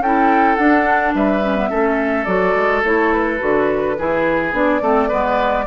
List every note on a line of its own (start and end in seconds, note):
0.00 0.57 C#4
0.00 0.59 E4
0.00 1.16 A4
0.00 0.56 G5
0.56 1.43 D4
0.56 1.15 D4
0.56 1.13 F#5
1.15 1.71 G3
1.15 1.70 B4
1.15 2.25 E5
1.43 1.57 C#4
1.57 1.70 B3
1.70 2.27 A3
1.70 2.27 C#4
1.70 3.97 A4
2.25 2.55 F#3
2.25 2.84 F#4
2.25 2.82 D5
2.55 2.83 G#3
2.84 3.40 A3
2.84 3.39 E4
2.84 3.13 C#5
3.13 4.55 B4
3.39 3.99 D3
3.39 3.96 F#4
3.99 4.53 E3
3.99 4.53 E4
3.99 4.82 G#4
4.53 4.81 B3
4.53 4.81 D4
4.53 5.67 D5
4.82 5.10 A3
4.82 5.10 C4
4.82 5.09 A4
5.09 5.67 G#3
5.09 5.67 B3
5.09 5.65 B4